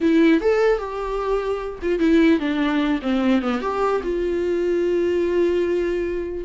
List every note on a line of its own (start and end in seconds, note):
0.00 0.40 E4
0.40 0.78 A4
0.78 1.79 G4
1.81 1.99 F4
1.99 2.39 E4
2.39 3.00 D4
3.02 3.41 C4
3.41 3.61 B3
3.61 4.01 G4
4.03 6.44 F4